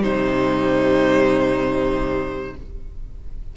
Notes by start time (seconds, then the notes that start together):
0.00 C3 G3 D#4 C5